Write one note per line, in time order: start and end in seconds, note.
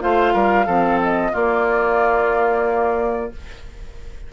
0.00 0.34 A3
0.00 0.66 F4
0.00 0.33 C5
0.00 1.00 F5
0.33 0.67 G3
0.33 0.66 A#4
0.66 1.33 F3
0.66 1.33 C4
0.66 1.32 A4
1.02 1.35 D#5
1.32 3.32 A#3
1.32 3.30 F4
1.32 3.33 D5